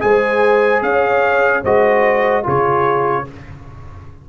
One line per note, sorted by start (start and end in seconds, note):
0.00 0.82 G#3
0.00 1.62 G#4
0.00 0.84 C5
0.00 0.82 G#5
0.82 1.63 C#4
0.82 1.63 C#5
0.82 1.64 F5
1.63 2.45 G#3
1.63 2.43 F#4
1.63 2.44 C5
1.63 2.46 D#5
2.43 3.28 C#3
2.43 3.24 F4
2.43 3.25 G#4
2.43 3.29 C#5